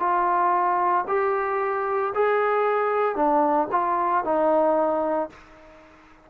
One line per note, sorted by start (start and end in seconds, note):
0.00 1.05 F4
1.08 2.13 G4
2.15 3.16 G#4
3.16 3.68 D4
3.72 4.24 F4
4.24 5.30 D#4